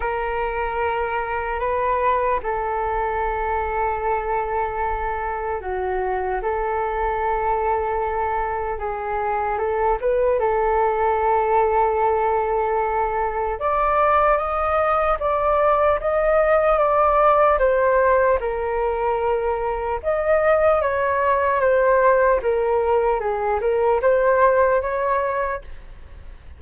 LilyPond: \new Staff \with { instrumentName = "flute" } { \time 4/4 \tempo 4 = 75 ais'2 b'4 a'4~ | a'2. fis'4 | a'2. gis'4 | a'8 b'8 a'2.~ |
a'4 d''4 dis''4 d''4 | dis''4 d''4 c''4 ais'4~ | ais'4 dis''4 cis''4 c''4 | ais'4 gis'8 ais'8 c''4 cis''4 | }